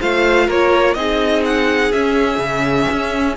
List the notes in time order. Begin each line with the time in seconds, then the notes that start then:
0.00 A3 F4 C5 F5
0.47 A#3 A#4 C#5
0.94 C4 D#4 G#4 D#5
1.46 F#5
1.93 C#4 E5
2.38 C#3
2.92 C#4